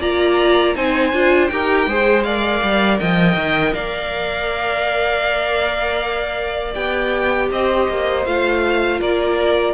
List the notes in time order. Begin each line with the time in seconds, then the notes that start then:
0.00 A#3 F4 D5 A#5
0.75 C4 D#4 C5 G#5
1.13 D4 F4
1.48 D#4 G4 A#4 G5
1.87 G#3 G#4 C5
2.23 A#4 D5 F5
2.62 G3
2.99 F3 D#5 G5
3.35 D#3
3.74 A#3 D5 F5
6.74 B3 G4 G5
7.51 C4 C5 D#5
7.89 A#3
8.26 A3 F4 F5
9.00 A#3 A#4 D5